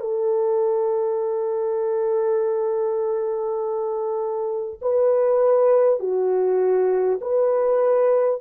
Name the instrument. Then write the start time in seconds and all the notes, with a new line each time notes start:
horn
0.00 A4
4.81 B4
5.99 F#4
7.21 B4